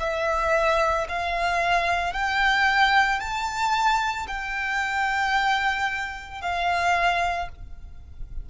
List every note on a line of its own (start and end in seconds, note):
0.00 1.07 E5
1.09 2.13 F5
2.13 3.19 G5
3.19 4.27 A5
4.28 6.41 G5
6.41 7.49 F5